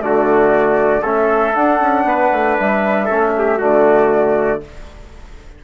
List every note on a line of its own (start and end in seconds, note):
0.00 1.03 D3
0.00 1.03 A3
0.00 1.01 F#4
0.00 1.04 D5
1.01 1.55 A3
1.01 1.54 C#4
1.01 2.04 A4
1.01 1.55 E5
1.54 3.08 D4
1.54 1.81 D4
1.54 2.58 F#5
1.81 2.04 C#4
2.04 2.30 B3
2.04 3.05 B4
2.32 2.58 A3
2.59 3.10 G3
2.59 3.61 E5
3.05 3.59 C#4
3.05 3.31 A4
3.11 3.62 A3
3.38 3.58 G4
3.58 4.64 D3
3.58 4.61 A3
3.58 4.60 F#4
3.58 4.63 D5